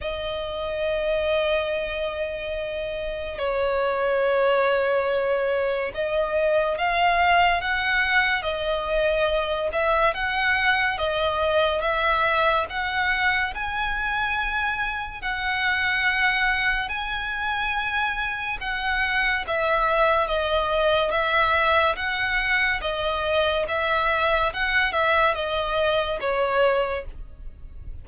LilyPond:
\new Staff \with { instrumentName = "violin" } { \time 4/4 \tempo 4 = 71 dis''1 | cis''2. dis''4 | f''4 fis''4 dis''4. e''8 | fis''4 dis''4 e''4 fis''4 |
gis''2 fis''2 | gis''2 fis''4 e''4 | dis''4 e''4 fis''4 dis''4 | e''4 fis''8 e''8 dis''4 cis''4 | }